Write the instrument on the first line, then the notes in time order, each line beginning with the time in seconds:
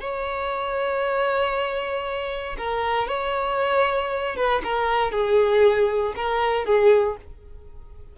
violin
0.00 C#5
2.57 A#4
3.08 C#5
4.36 B4
4.64 A#4
5.11 G#4
6.16 A#4
6.65 G#4